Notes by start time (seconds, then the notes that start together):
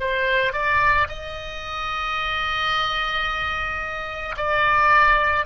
0.00 C5
0.53 D5
1.08 D#5
4.36 D5